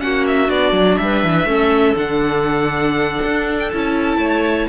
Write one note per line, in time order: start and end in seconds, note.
0.00 0.50 A#3
0.00 0.48 C#4
0.00 1.01 F#4
0.00 0.26 F#5
0.27 0.50 E5
0.48 0.73 B3
0.48 1.46 D4
0.48 0.98 D5
0.73 0.97 F#3
0.98 1.24 G3
0.98 1.50 B4
0.98 1.96 E5
1.24 1.45 E3
1.45 1.94 A3
1.45 1.97 C#4
1.45 4.20 A4
1.97 3.19 D3
1.97 3.71 D4
1.97 3.57 F#5
3.24 3.73 D4
3.60 3.70 G5
3.70 4.18 C#4
3.70 4.70 E4
3.70 4.69 A5
4.18 4.67 A3
4.18 4.70 C#5